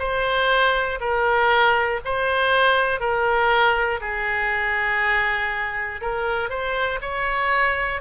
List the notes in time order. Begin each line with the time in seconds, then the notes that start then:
0.00 C5
1.01 A#4
2.05 C5
3.01 A#4
4.01 G#4
6.01 A#4
6.50 C5
7.02 C#5